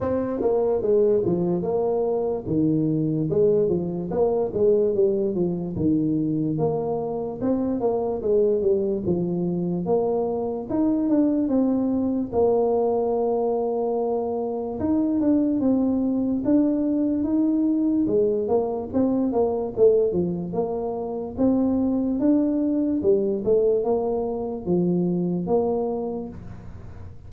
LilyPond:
\new Staff \with { instrumentName = "tuba" } { \time 4/4 \tempo 4 = 73 c'8 ais8 gis8 f8 ais4 dis4 | gis8 f8 ais8 gis8 g8 f8 dis4 | ais4 c'8 ais8 gis8 g8 f4 | ais4 dis'8 d'8 c'4 ais4~ |
ais2 dis'8 d'8 c'4 | d'4 dis'4 gis8 ais8 c'8 ais8 | a8 f8 ais4 c'4 d'4 | g8 a8 ais4 f4 ais4 | }